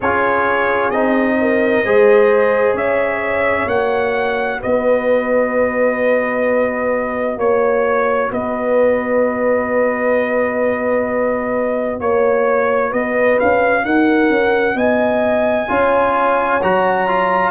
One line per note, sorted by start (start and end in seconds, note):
0.00 0.91 C#4
0.00 0.93 F4
0.00 1.35 G#4
0.00 0.90 C#5
0.90 1.83 C4
0.90 1.85 D#4
0.90 2.74 D#5
1.40 1.85 A#4
1.84 2.73 G#3
1.84 3.69 G#4
1.84 2.75 C5
2.73 3.66 C#4
2.73 4.59 C#5
2.73 3.68 E5
3.66 4.58 A#3
3.66 15.68 F#4
3.66 4.60 F#5
4.60 7.37 B3
4.60 7.37 B4
4.60 7.39 D#5
7.37 8.29 A#3
7.37 8.31 C#5
7.37 8.30 C#5
8.30 12.00 B3
8.30 11.99 B4
8.30 12.00 D#5
12.00 12.92 A#3
12.00 12.92 C#5
12.00 12.89 C#5
12.89 13.39 B3
12.89 13.81 B4
12.89 13.38 D#5
13.39 13.84 C#4
13.39 13.85 F5
13.84 14.29 D#4
13.84 14.76 A#4
13.84 14.77 F#5
14.29 14.74 C#4
14.74 15.67 B3
14.74 15.68 D#5
14.74 16.62 G#5
15.68 16.62 C#4
15.68 16.60 F4
15.68 17.50 C#5
16.62 17.50 F#3
16.62 17.07 F#4
16.62 17.50 A#5
17.07 17.50 F4